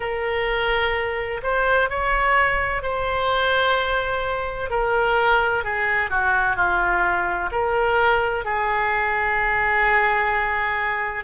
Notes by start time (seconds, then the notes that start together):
0.00 A#4
1.43 C5
1.89 C#5
2.82 C5
4.70 A#4
5.63 G#4
6.09 F#4
6.56 F4
7.51 A#4
8.45 G#4